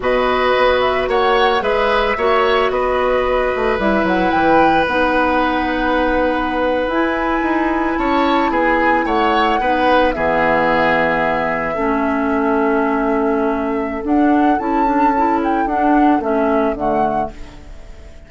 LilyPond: <<
  \new Staff \with { instrumentName = "flute" } { \time 4/4 \tempo 4 = 111 dis''4. e''8 fis''4 e''4~ | e''4 dis''2 e''8 fis''8 | g''4 fis''2.~ | fis''8. gis''2 a''4 gis''16~ |
gis''8. fis''2 e''4~ e''16~ | e''1~ | e''2 fis''4 a''4~ | a''8 g''8 fis''4 e''4 fis''4 | }
  \new Staff \with { instrumentName = "oboe" } { \time 4/4 b'2 cis''4 b'4 | cis''4 b'2.~ | b'1~ | b'2~ b'8. cis''4 gis'16~ |
gis'8. cis''4 b'4 gis'4~ gis'16~ | gis'4.~ gis'16 a'2~ a'16~ | a'1~ | a'1 | }
  \new Staff \with { instrumentName = "clarinet" } { \time 4/4 fis'2. gis'4 | fis'2. e'4~ | e'4 dis'2.~ | dis'8. e'2.~ e'16~ |
e'4.~ e'16 dis'4 b4~ b16~ | b4.~ b16 cis'2~ cis'16~ | cis'2 d'4 e'8 d'8 | e'4 d'4 cis'4 a4 | }
  \new Staff \with { instrumentName = "bassoon" } { \time 4/4 b,4 b4 ais4 gis4 | ais4 b4. a8 g8 fis8 | e4 b2.~ | b8. e'4 dis'4 cis'4 b16~ |
b8. a4 b4 e4~ e16~ | e4.~ e16 a2~ a16~ | a2 d'4 cis'4~ | cis'4 d'4 a4 d4 | }
>>